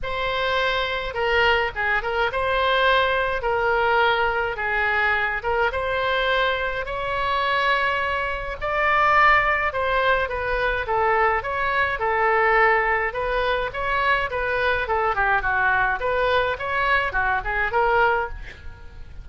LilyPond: \new Staff \with { instrumentName = "oboe" } { \time 4/4 \tempo 4 = 105 c''2 ais'4 gis'8 ais'8 | c''2 ais'2 | gis'4. ais'8 c''2 | cis''2. d''4~ |
d''4 c''4 b'4 a'4 | cis''4 a'2 b'4 | cis''4 b'4 a'8 g'8 fis'4 | b'4 cis''4 fis'8 gis'8 ais'4 | }